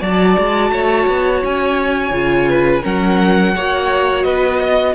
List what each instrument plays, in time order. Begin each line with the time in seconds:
0.00 cello F#3, viola F#4, violin D5 A5
0.38 cello G#3
0.71 cello A3, violin C#5
1.07 cello B3
1.44 cello C#4, violin G#5
2.11 cello C#3, viola F4
2.49 violin B4
2.82 cello F#3, viola C#4, violin A#4 F#5
3.55 cello A#3, viola F#4, violin C#5
4.23 cello B3, violin B4 D#5
4.60 violin D#5